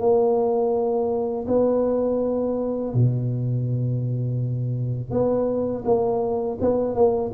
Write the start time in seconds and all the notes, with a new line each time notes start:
0.00 A#3
1.48 B3
2.94 B2
5.11 B3
5.85 A#3
6.61 B3
6.95 A#3